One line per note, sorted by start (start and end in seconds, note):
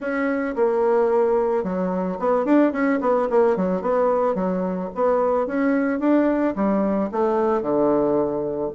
0.00 0.55 C#4
0.55 1.63 A#3
1.63 2.18 F#3
2.19 2.45 B3
2.45 2.72 D4
2.72 2.99 C#4
3.00 3.28 B3
3.30 3.56 A#3
3.56 3.81 F#3
3.81 4.35 B3
4.35 4.89 F#3
4.94 5.46 B3
5.46 5.99 C#4
5.99 6.54 D4
6.55 7.10 G3
7.11 7.61 A3
7.61 8.70 D3